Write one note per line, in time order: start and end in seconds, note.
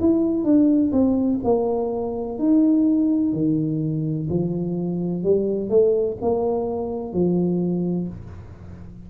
0.00 0.44 E4
0.44 0.91 D4
0.92 1.39 C4
1.43 2.38 A#3
2.38 3.32 D#4
3.32 4.28 D#3
4.29 5.23 F3
5.23 5.69 G3
5.69 6.17 A3
6.21 7.13 A#3
7.13 8.08 F3